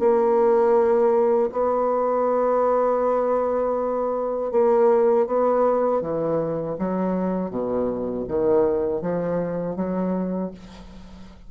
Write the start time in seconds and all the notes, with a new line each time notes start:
0.00 A#3
1.52 B3
4.52 A#3
5.27 B3
6.02 E3
6.79 F#3
7.50 B2
8.28 D#3
9.02 F3
9.76 F#3